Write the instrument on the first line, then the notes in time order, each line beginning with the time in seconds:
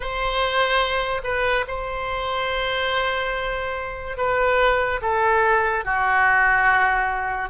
oboe
0.00 C5
1.23 B4
1.67 C5
4.17 B4
5.01 A4
5.84 F#4